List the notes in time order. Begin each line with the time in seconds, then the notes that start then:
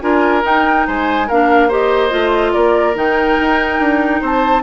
0.00 D4 F4 A#4 G#5
0.42 D#4 G5
0.87 G#3 C5 G#5
1.27 A#3 D4 A#4 F5
1.67 G4 C5 D#5
2.10 A3 F4
2.53 A#3 A#4 D5
2.95 D#3 D#4 G5
3.40 D#4
3.79 D4
4.21 C4 C5 A5